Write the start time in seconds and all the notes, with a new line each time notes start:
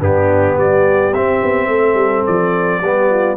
0.00 G2 B3 D4 G4
0.56 G3 G4 D5
1.14 C4 E5
1.43 B3
1.68 A3 A4
1.95 G3
2.26 F3 D5
2.81 G3 B3 G4
3.11 F4